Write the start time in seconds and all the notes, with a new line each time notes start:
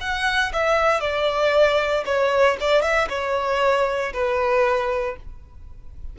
0.00 F#5
0.52 E5
1.00 D5
2.05 C#5
2.60 D5
2.82 E5
3.09 C#5
4.13 B4